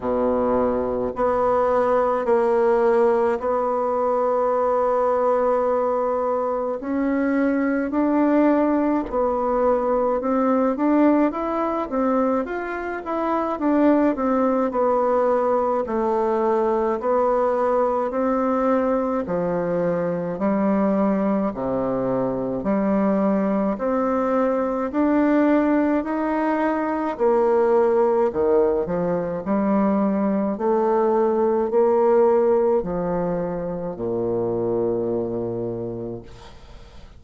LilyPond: \new Staff \with { instrumentName = "bassoon" } { \time 4/4 \tempo 4 = 53 b,4 b4 ais4 b4~ | b2 cis'4 d'4 | b4 c'8 d'8 e'8 c'8 f'8 e'8 | d'8 c'8 b4 a4 b4 |
c'4 f4 g4 c4 | g4 c'4 d'4 dis'4 | ais4 dis8 f8 g4 a4 | ais4 f4 ais,2 | }